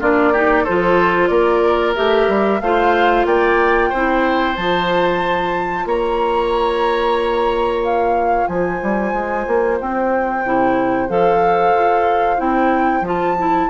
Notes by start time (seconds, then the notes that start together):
0.00 A#3 D4 F4 D5
0.32 D#4 G4
0.63 F3 F4 A4 C5
1.27 A#3 A#4 D5
1.95 A3 G4 E5
2.28 G3
2.60 A3 F4 C5 F5
3.25 A#3 D5 G5
3.89 C4 E4 C5
4.55 F3 F4 A5
5.85 A#3 C#5 A#5
7.83 F5
8.47 F3 C5 G#5
8.82 G3
9.13 G#3
9.47 A#3
9.80 C4 G5
10.44 C3 E4
11.08 F3 A4 F5
11.74 F4
12.37 C4 E4 G5
13.01 F3 F4
13.07 A5
13.38 E4